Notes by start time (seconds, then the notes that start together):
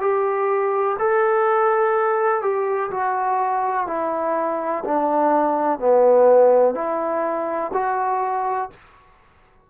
0.00 G4
0.99 A4
2.41 G4
2.90 F#4
3.87 E4
4.84 D4
5.79 B3
6.74 E4
7.73 F#4